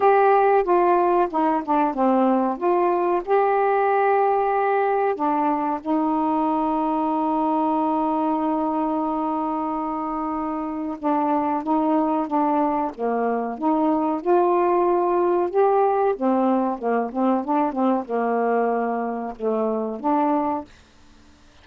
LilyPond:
\new Staff \with { instrumentName = "saxophone" } { \time 4/4 \tempo 4 = 93 g'4 f'4 dis'8 d'8 c'4 | f'4 g'2. | d'4 dis'2.~ | dis'1~ |
dis'4 d'4 dis'4 d'4 | ais4 dis'4 f'2 | g'4 c'4 ais8 c'8 d'8 c'8 | ais2 a4 d'4 | }